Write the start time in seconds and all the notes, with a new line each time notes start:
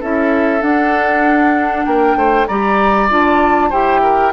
0.00 C#4 E4 A4 E5
0.60 D4 F#5
1.85 A#3 A#4 G5
2.15 A3 C5
2.47 G3 G4 D5 A#5
3.09 D4 F4 A5
3.69 E4 G4 C5 G5
4.02 A#4